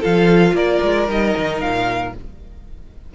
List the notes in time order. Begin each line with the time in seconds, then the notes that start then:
0.00 F3 F4 A4 F5
0.52 A#3 A#4 D5
0.83 G#3
1.07 G3 D#4 D#5
1.37 D#3
1.60 A#2 F5